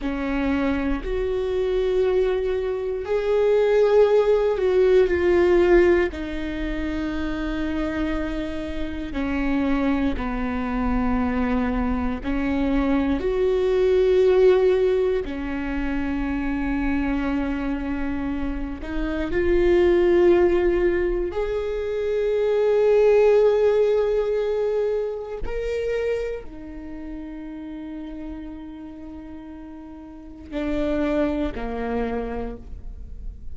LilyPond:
\new Staff \with { instrumentName = "viola" } { \time 4/4 \tempo 4 = 59 cis'4 fis'2 gis'4~ | gis'8 fis'8 f'4 dis'2~ | dis'4 cis'4 b2 | cis'4 fis'2 cis'4~ |
cis'2~ cis'8 dis'8 f'4~ | f'4 gis'2.~ | gis'4 ais'4 dis'2~ | dis'2 d'4 ais4 | }